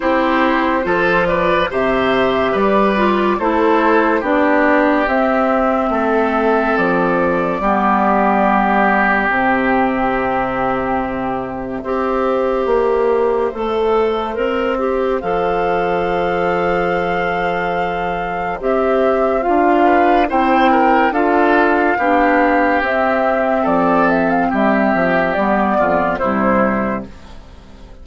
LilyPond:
<<
  \new Staff \with { instrumentName = "flute" } { \time 4/4 \tempo 4 = 71 c''4. d''8 e''4 d''4 | c''4 d''4 e''2 | d''2. e''4~ | e''1~ |
e''2 f''2~ | f''2 e''4 f''4 | g''4 f''2 e''4 | d''8 e''16 f''16 e''4 d''4 c''4 | }
  \new Staff \with { instrumentName = "oboe" } { \time 4/4 g'4 a'8 b'8 c''4 b'4 | a'4 g'2 a'4~ | a'4 g'2.~ | g'2 c''2~ |
c''1~ | c''2.~ c''8 b'8 | c''8 ais'8 a'4 g'2 | a'4 g'4. f'8 e'4 | }
  \new Staff \with { instrumentName = "clarinet" } { \time 4/4 e'4 f'4 g'4. f'8 | e'4 d'4 c'2~ | c'4 b2 c'4~ | c'2 g'2 |
a'4 ais'8 g'8 a'2~ | a'2 g'4 f'4 | e'4 f'4 d'4 c'4~ | c'2 b4 g4 | }
  \new Staff \with { instrumentName = "bassoon" } { \time 4/4 c'4 f4 c4 g4 | a4 b4 c'4 a4 | f4 g2 c4~ | c2 c'4 ais4 |
a4 c'4 f2~ | f2 c'4 d'4 | c'4 d'4 b4 c'4 | f4 g8 f8 g8 f,8 c4 | }
>>